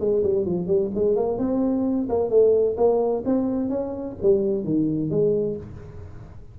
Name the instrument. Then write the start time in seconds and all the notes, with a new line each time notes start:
tuba
0.00 G#3
0.24 G3
0.46 F3
0.67 G3
0.95 G#3
1.16 A#3
1.39 C4
2.09 A#3
2.30 A3
2.77 A#3
3.26 C4
3.70 C#4
4.22 G3
4.64 D#3
5.10 G#3